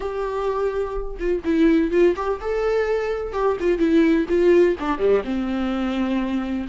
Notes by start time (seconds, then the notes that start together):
0.00 G4
1.19 F4
1.44 E4
1.91 F4
2.16 G4
2.40 A4
3.32 G4
3.60 F4
3.78 E4
4.28 F4
4.79 D4
4.98 G3
5.24 C4